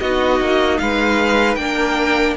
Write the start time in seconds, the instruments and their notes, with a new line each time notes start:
0.00 cello B3, viola D#4, violin F#4 D#5
0.40 cello A#3
0.79 cello G#3, violin B4 F5
1.55 cello A#3, viola D4, violin G5
1.62 violin A#4